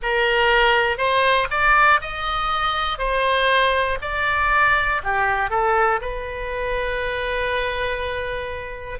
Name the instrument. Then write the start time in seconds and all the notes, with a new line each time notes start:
oboe
0.02 A#4
0.97 C5
1.50 D5
2.00 D#5
2.98 C5
4.01 D5
5.03 G4
5.50 A4
6.00 B4